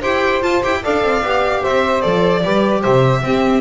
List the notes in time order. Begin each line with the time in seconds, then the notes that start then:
0.00 E4 G4 C5 G5
0.41 F4 A5
0.62 E4 G4 G5
0.83 D4 A4 D5 F5
1.02 C4
1.22 B3 G4
1.61 C4 C5 E5
2.01 F3 A4 D5
2.43 G3 G4 B4
2.80 C3 C5 E5
3.22 C4 G4